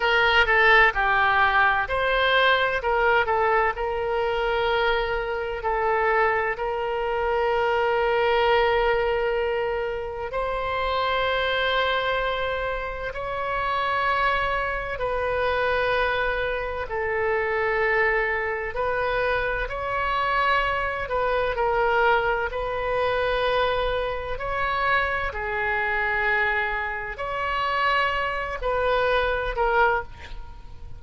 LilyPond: \new Staff \with { instrumentName = "oboe" } { \time 4/4 \tempo 4 = 64 ais'8 a'8 g'4 c''4 ais'8 a'8 | ais'2 a'4 ais'4~ | ais'2. c''4~ | c''2 cis''2 |
b'2 a'2 | b'4 cis''4. b'8 ais'4 | b'2 cis''4 gis'4~ | gis'4 cis''4. b'4 ais'8 | }